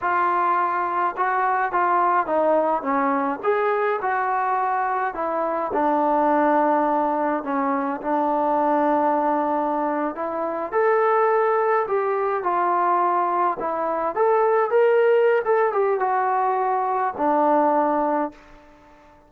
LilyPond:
\new Staff \with { instrumentName = "trombone" } { \time 4/4 \tempo 4 = 105 f'2 fis'4 f'4 | dis'4 cis'4 gis'4 fis'4~ | fis'4 e'4 d'2~ | d'4 cis'4 d'2~ |
d'4.~ d'16 e'4 a'4~ a'16~ | a'8. g'4 f'2 e'16~ | e'8. a'4 ais'4~ ais'16 a'8 g'8 | fis'2 d'2 | }